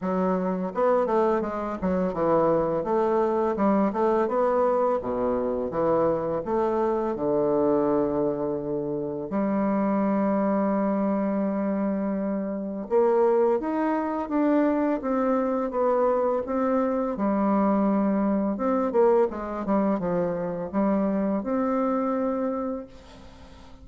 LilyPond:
\new Staff \with { instrumentName = "bassoon" } { \time 4/4 \tempo 4 = 84 fis4 b8 a8 gis8 fis8 e4 | a4 g8 a8 b4 b,4 | e4 a4 d2~ | d4 g2.~ |
g2 ais4 dis'4 | d'4 c'4 b4 c'4 | g2 c'8 ais8 gis8 g8 | f4 g4 c'2 | }